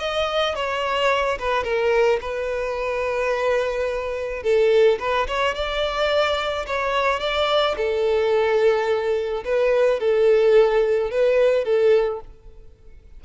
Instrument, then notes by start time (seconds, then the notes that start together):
violin
0.00 D#5
0.55 C#5
1.39 B4
1.64 A#4
2.21 B4
4.44 A4
5.00 B4
5.28 C#5
5.55 D5
6.67 C#5
7.20 D5
7.78 A4
9.45 B4
10.00 A4
11.11 B4
11.65 A4